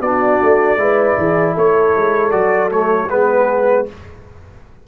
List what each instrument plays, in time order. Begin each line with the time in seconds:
0.00 tuba B3, trombone D4, horn F#4, trumpet D5
0.42 tuba A3
0.76 tuba G#3, trombone E4, horn B4
1.17 tuba E3, horn G#4
1.54 tuba A3, horn A4, trumpet C#5
1.96 tuba G#3
2.31 tuba F#3, trombone F#4, trumpet D5
2.70 trombone A3, trumpet C#5
3.08 tuba G#3, trombone B3, horn G#4, trumpet B4